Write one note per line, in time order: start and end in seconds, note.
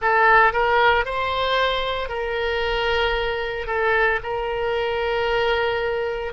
0.01 0.53 A4
0.53 1.05 A#4
1.05 2.09 C5
2.09 3.67 A#4
3.67 4.19 A4
4.23 6.33 A#4